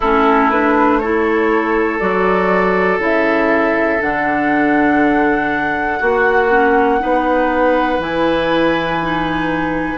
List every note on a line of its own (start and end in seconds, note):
0.00 2.01 A3
0.00 0.52 C#4
0.00 0.99 E4
0.00 0.50 A4
0.50 1.02 D4
0.50 0.99 B4
0.99 2.00 E4
0.99 5.99 A4
0.99 1.99 C#5
1.99 2.98 F#3
1.99 2.99 F#4
1.99 2.99 D5
2.98 3.98 C#3
2.98 3.99 E4
2.98 4.01 E5
4.00 6.01 D3
4.00 6.00 D4
4.00 8.01 F#5
5.99 7.01 A#3
5.99 6.99 F#4
5.99 6.50 F#4
6.50 6.99 C#4
6.99 7.99 B3
6.99 7.99 D#4
6.99 9.98 B4
7.99 9.98 E3
7.99 8.99 E4
7.99 9.98 G#5
9.01 9.98 D#4